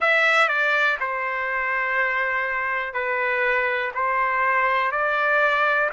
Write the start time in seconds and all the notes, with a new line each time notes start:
0.00 E5
0.48 D5
1.00 C5
2.93 B4
3.94 C5
4.91 D5